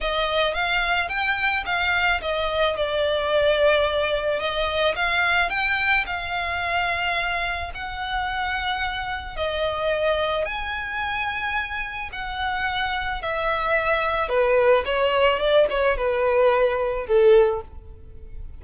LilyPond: \new Staff \with { instrumentName = "violin" } { \time 4/4 \tempo 4 = 109 dis''4 f''4 g''4 f''4 | dis''4 d''2. | dis''4 f''4 g''4 f''4~ | f''2 fis''2~ |
fis''4 dis''2 gis''4~ | gis''2 fis''2 | e''2 b'4 cis''4 | d''8 cis''8 b'2 a'4 | }